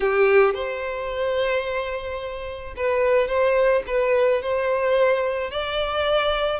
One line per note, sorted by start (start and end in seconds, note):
0.00 0.54 G4
0.54 2.74 C5
2.76 3.28 B4
3.28 3.83 C5
3.87 4.42 B4
4.42 5.50 C5
5.50 6.60 D5